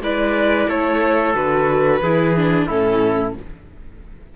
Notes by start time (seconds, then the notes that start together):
0.00 G#3 E4 B4 D5
0.69 A3 A4 C#5
1.33 D3 F#4 B4
2.01 E3 E4 G#4
2.36 D4
2.67 A2 C#4 E4 A4